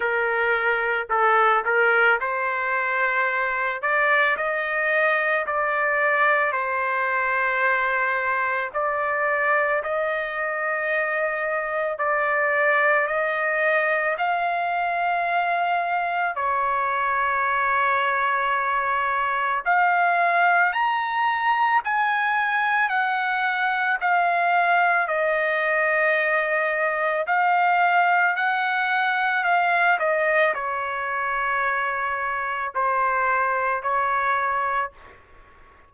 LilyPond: \new Staff \with { instrumentName = "trumpet" } { \time 4/4 \tempo 4 = 55 ais'4 a'8 ais'8 c''4. d''8 | dis''4 d''4 c''2 | d''4 dis''2 d''4 | dis''4 f''2 cis''4~ |
cis''2 f''4 ais''4 | gis''4 fis''4 f''4 dis''4~ | dis''4 f''4 fis''4 f''8 dis''8 | cis''2 c''4 cis''4 | }